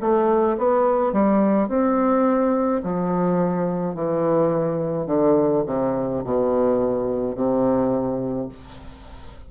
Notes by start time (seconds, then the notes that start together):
0.00 A3
0.58 B3
1.13 G3
1.68 C4
2.83 F3
3.95 E3
5.07 D3
5.66 C3
6.24 B2
7.35 C3